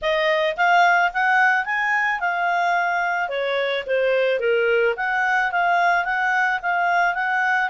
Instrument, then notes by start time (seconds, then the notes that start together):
clarinet
0.01 D#5
0.57 F5
1.13 F#5
1.65 G#5
2.19 F5
3.29 C#5
3.86 C5
4.39 A#4
4.96 F#5
5.51 F5
6.05 F#5
6.62 F5
7.14 F#5